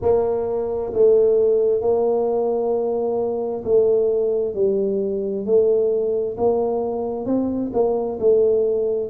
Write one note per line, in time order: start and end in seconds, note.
0.01 0.92 A#3
0.93 1.81 A3
1.81 3.63 A#3
3.64 4.54 A3
4.54 5.45 G3
5.45 6.36 A3
6.37 7.25 A#3
7.25 7.71 C4
7.73 8.18 A#3
8.19 9.10 A3